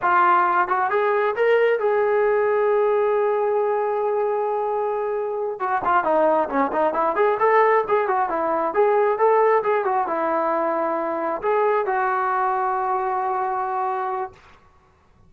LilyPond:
\new Staff \with { instrumentName = "trombone" } { \time 4/4 \tempo 4 = 134 f'4. fis'8 gis'4 ais'4 | gis'1~ | gis'1~ | gis'8 fis'8 f'8 dis'4 cis'8 dis'8 e'8 |
gis'8 a'4 gis'8 fis'8 e'4 gis'8~ | gis'8 a'4 gis'8 fis'8 e'4.~ | e'4. gis'4 fis'4.~ | fis'1 | }